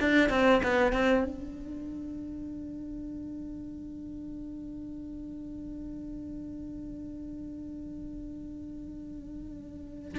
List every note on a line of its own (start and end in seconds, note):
0.00 0.30 D4
0.30 0.62 C4
0.63 0.93 B3
0.93 1.24 C4
1.24 10.18 D4